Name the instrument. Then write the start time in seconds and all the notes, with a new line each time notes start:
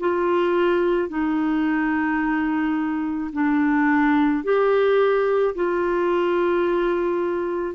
clarinet
0.00 F4
1.09 D#4
3.33 D4
4.44 G4
5.55 F4